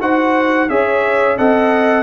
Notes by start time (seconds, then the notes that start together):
0.00 D#4 F#4 C5 F#5
0.69 C#4 G#4 C#5 E5
1.38 C4 A4 D#5 F#5